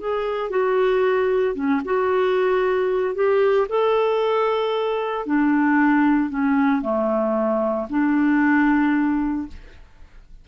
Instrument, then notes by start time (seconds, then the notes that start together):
clarinet
0.00 G#4
0.50 F#4
1.55 C#4
1.85 F#4
3.15 G4
3.69 A4
5.26 D4
6.30 C#4
6.82 A3
7.90 D4